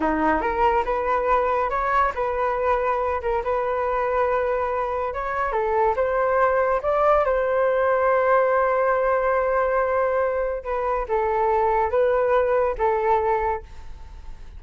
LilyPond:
\new Staff \with { instrumentName = "flute" } { \time 4/4 \tempo 4 = 141 dis'4 ais'4 b'2 | cis''4 b'2~ b'8 ais'8 | b'1 | cis''4 a'4 c''2 |
d''4 c''2.~ | c''1~ | c''4 b'4 a'2 | b'2 a'2 | }